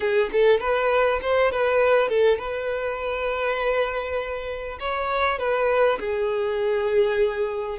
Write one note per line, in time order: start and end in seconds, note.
0.00 0.29 G#4
0.32 0.60 A4
0.60 1.20 B4
1.21 1.51 C5
1.51 2.08 B4
2.08 2.38 A4
2.38 4.78 B4
4.79 5.38 C#5
5.38 5.98 B4
5.99 7.78 G#4